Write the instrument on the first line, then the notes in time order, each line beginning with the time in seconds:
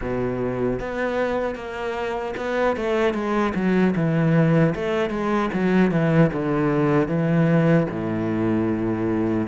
cello
0.01 B2
0.79 B3
1.55 A#3
2.36 B3
2.76 A3
3.14 G#3
3.55 F#3
3.95 E3
4.75 A3
5.10 G#3
5.53 F#3
5.91 E3
6.33 D3
7.08 E3
7.89 A2